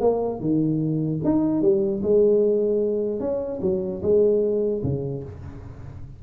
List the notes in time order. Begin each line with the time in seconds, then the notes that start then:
0.00 A#3
0.40 D#3
1.24 D#4
1.61 G3
2.02 G#3
3.20 C#4
3.61 F#3
4.02 G#3
4.83 C#3